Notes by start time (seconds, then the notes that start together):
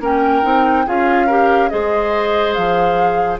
0.00 A#3 C#4 A#4 G5
0.42 C4 D#4
0.86 C#4 F4 G#4 F5
1.27 G4 A#4
1.69 G#3 G#4 C5 D#5
2.54 F3 F5